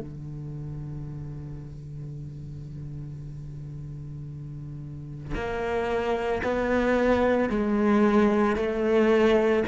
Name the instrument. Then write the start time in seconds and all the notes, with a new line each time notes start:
cello
0.00 D3
5.35 A#3
6.44 B3
7.50 G#3
8.56 A3